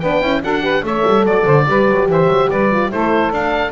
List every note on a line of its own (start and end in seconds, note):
0.00 0.21 B3
0.00 0.21 D4
0.00 0.41 B4
0.00 0.41 G5
0.21 0.42 C#4
0.21 0.42 E4
0.43 0.83 D4
0.43 0.61 F#4
0.43 0.63 A4
0.43 0.85 F#5
0.61 0.82 G4
0.61 0.83 B4
0.83 1.04 A3
0.83 1.66 A4
0.83 1.26 C#5
0.83 1.25 E5
1.06 1.24 G3
1.24 1.45 F#3
1.24 2.08 D5
1.24 1.45 D5
1.45 1.66 D3
1.45 1.65 C5
1.67 1.89 G3
1.67 2.70 G4
1.67 2.10 B4
1.89 2.08 F#3
2.08 2.27 E3
2.08 2.49 C5
2.08 2.50 E5
2.27 2.47 F#3
2.49 2.92 G3
2.49 2.91 B4
2.49 2.91 D5
2.71 2.90 F4
2.90 3.31 A3
2.90 3.31 E4
2.90 3.72 A4
2.90 3.32 C5
3.31 3.72 D4
3.31 3.72 F5